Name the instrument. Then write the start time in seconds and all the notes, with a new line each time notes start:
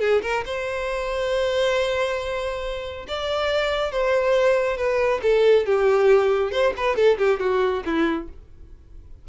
violin
0.00 G#4
0.22 A#4
0.46 C5
3.08 D5
3.92 C5
4.77 B4
5.23 A4
5.66 G4
6.52 C5
6.77 B4
6.96 A4
7.18 G4
7.40 F#4
7.85 E4